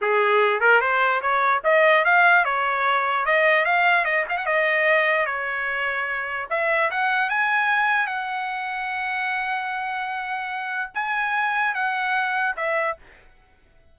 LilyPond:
\new Staff \with { instrumentName = "trumpet" } { \time 4/4 \tempo 4 = 148 gis'4. ais'8 c''4 cis''4 | dis''4 f''4 cis''2 | dis''4 f''4 dis''8 f''16 fis''16 dis''4~ | dis''4 cis''2. |
e''4 fis''4 gis''2 | fis''1~ | fis''2. gis''4~ | gis''4 fis''2 e''4 | }